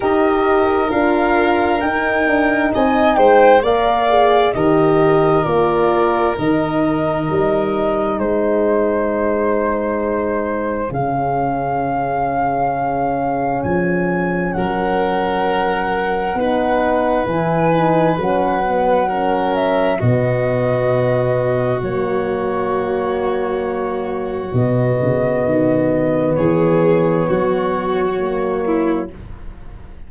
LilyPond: <<
  \new Staff \with { instrumentName = "flute" } { \time 4/4 \tempo 4 = 66 dis''4 f''4 g''4 gis''8 g''8 | f''4 dis''4 d''4 dis''4~ | dis''4 c''2. | f''2. gis''4 |
fis''2. gis''4 | fis''4. e''8 dis''2 | cis''2. dis''4~ | dis''4 cis''2. | }
  \new Staff \with { instrumentName = "violin" } { \time 4/4 ais'2. dis''8 c''8 | d''4 ais'2.~ | ais'4 gis'2.~ | gis'1 |
ais'2 b'2~ | b'4 ais'4 fis'2~ | fis'1~ | fis'4 gis'4 fis'4. e'8 | }
  \new Staff \with { instrumentName = "horn" } { \time 4/4 g'4 f'4 dis'2 | ais'8 gis'8 g'4 f'4 dis'4~ | dis'1 | cis'1~ |
cis'2 dis'4 e'8 dis'8 | cis'8 b8 cis'4 b2 | ais2. b4~ | b2. ais4 | }
  \new Staff \with { instrumentName = "tuba" } { \time 4/4 dis'4 d'4 dis'8 d'8 c'8 gis8 | ais4 dis4 ais4 dis4 | g4 gis2. | cis2. f4 |
fis2 b4 e4 | fis2 b,2 | fis2. b,8 cis8 | dis4 e4 fis2 | }
>>